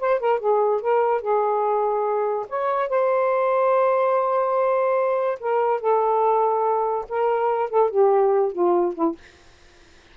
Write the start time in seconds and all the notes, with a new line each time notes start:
0.00 C5
0.20 A#4
0.40 G#4
0.81 A#4
1.22 G#4
2.49 C#5
2.89 C5
5.40 A#4
5.81 A4
7.09 A#4
7.70 A4
7.91 G4
8.52 F4
8.95 E4